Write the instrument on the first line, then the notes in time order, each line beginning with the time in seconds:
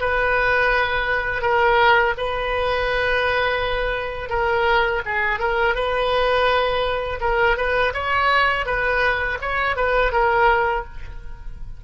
oboe
0.00 B4
1.41 A#4
2.17 B4
4.29 A#4
5.05 G#4
5.39 A#4
5.75 B4
7.21 A#4
7.57 B4
7.93 C#5
8.65 B4
9.41 C#5
9.76 B4
10.12 A#4